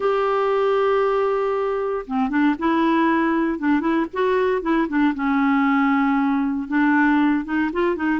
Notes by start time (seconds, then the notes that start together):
0.00 G4
2.07 C4
2.29 D4
2.59 E4
3.58 D4
3.80 E4
4.13 F#4
4.62 E4
4.88 D4
5.14 C#4
6.68 D4
7.45 D#4
7.72 F4
7.95 D#4